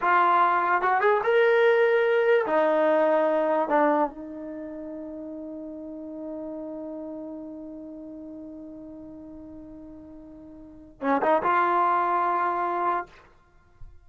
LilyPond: \new Staff \with { instrumentName = "trombone" } { \time 4/4 \tempo 4 = 147 f'2 fis'8 gis'8 ais'4~ | ais'2 dis'2~ | dis'4 d'4 dis'2~ | dis'1~ |
dis'1~ | dis'1~ | dis'2. cis'8 dis'8 | f'1 | }